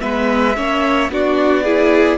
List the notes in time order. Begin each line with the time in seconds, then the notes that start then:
0.00 G#3 B3 B4 E5
0.56 A#3 C#4 C#5
1.09 B3 D4 F#4 D5
1.63 E4 G#4